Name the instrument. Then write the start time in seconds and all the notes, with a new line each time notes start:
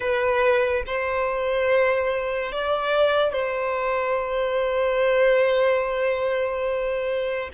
violin
0.00 B4
0.86 C5
2.52 D5
3.32 C5